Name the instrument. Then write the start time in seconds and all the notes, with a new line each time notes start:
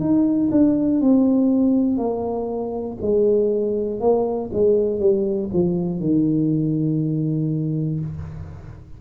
tuba
0.00 D#4
0.51 D4
1.00 C4
1.97 A#3
3.01 G#3
4.00 A#3
4.53 G#3
5.00 G3
5.53 F3
6.00 D#3